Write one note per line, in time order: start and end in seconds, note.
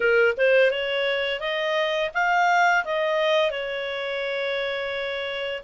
0.00 0.34 A#4
0.37 0.71 C5
0.71 1.39 C#5
1.39 2.10 D#5
2.14 2.84 F5
2.84 3.51 D#5
3.51 5.62 C#5